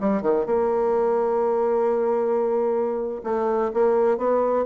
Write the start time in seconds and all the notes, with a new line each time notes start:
0.00 G3
0.22 D#3
0.46 A#3
3.24 A3
3.74 A#3
4.18 B3